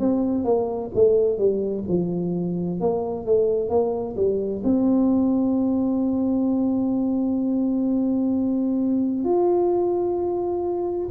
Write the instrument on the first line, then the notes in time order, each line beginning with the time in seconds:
tuba
0.00 C4
0.45 A#3
0.95 A3
1.38 G3
1.89 F3
2.81 A#3
3.26 A3
3.70 A#3
4.17 G3
4.64 C4
9.25 F4